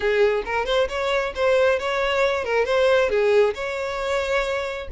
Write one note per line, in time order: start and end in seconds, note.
0.00 0.43 G#4
0.45 0.65 A#4
0.65 0.87 C5
0.88 1.33 C#5
1.35 1.79 C5
1.79 2.44 C#5
2.44 2.65 A#4
2.65 3.09 C5
3.09 3.54 G#4
3.54 4.87 C#5